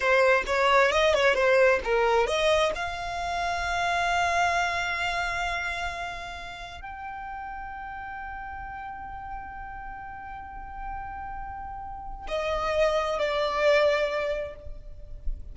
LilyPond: \new Staff \with { instrumentName = "violin" } { \time 4/4 \tempo 4 = 132 c''4 cis''4 dis''8 cis''8 c''4 | ais'4 dis''4 f''2~ | f''1~ | f''2. g''4~ |
g''1~ | g''1~ | g''2. dis''4~ | dis''4 d''2. | }